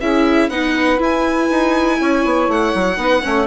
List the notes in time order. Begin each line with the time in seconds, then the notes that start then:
0.00 C#4 E4 G#4 E5
0.49 B3 D#4 B4 F#5
0.98 E4 G#5
1.50 D#4
1.99 C#4 C#5
2.25 B3
2.48 A3 F#5
2.74 F#3
2.97 B3 D#4 B4
3.22 A3 C#4 C#5